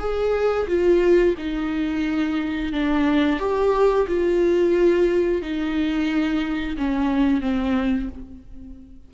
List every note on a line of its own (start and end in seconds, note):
0.00 0.67 G#4
0.68 1.35 F4
1.38 2.73 D#4
2.73 3.40 D4
3.40 4.07 G4
4.08 5.42 F4
5.42 6.77 D#4
6.78 7.42 C#4
7.42 8.09 C4